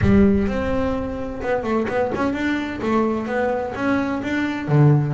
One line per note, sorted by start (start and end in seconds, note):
0.01 0.47 G3
0.47 1.41 C4
1.42 1.63 B3
1.63 1.86 A3
1.88 2.11 B3
2.15 2.33 C#4
2.33 2.80 D4
2.82 3.26 A3
3.26 3.73 B3
3.75 4.22 C#4
4.23 4.68 D4
4.68 5.14 D3